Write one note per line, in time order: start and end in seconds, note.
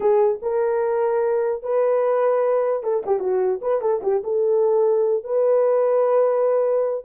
0.00 0.40 G#4
0.42 1.62 A#4
1.62 2.83 B4
2.83 3.03 A4
3.05 3.19 G4
3.19 3.59 F#4
3.61 3.81 B4
3.81 4.01 A4
4.02 4.22 G4
4.23 5.24 A4
5.24 7.05 B4